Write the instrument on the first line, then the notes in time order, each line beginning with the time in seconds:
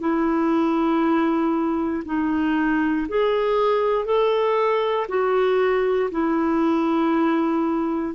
clarinet
0.00 E4
2.05 D#4
3.08 G#4
4.05 A4
5.08 F#4
6.11 E4